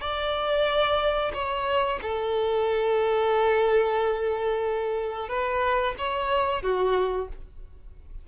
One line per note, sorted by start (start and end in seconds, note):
0.00 1.32 D5
1.33 1.99 C#5
2.02 5.28 A4
5.28 5.94 B4
5.98 6.62 C#5
6.62 7.28 F#4